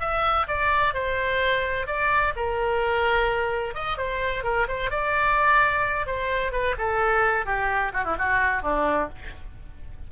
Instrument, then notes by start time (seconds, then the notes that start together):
oboe
0.00 E5
0.47 D5
0.94 C5
1.87 D5
2.36 A#4
3.74 D#5
3.97 C5
4.44 A#4
4.68 C5
4.90 D5
6.06 C5
6.52 B4
6.78 A4
7.46 G4
7.93 F#4
8.04 E4
8.18 F#4
8.62 D4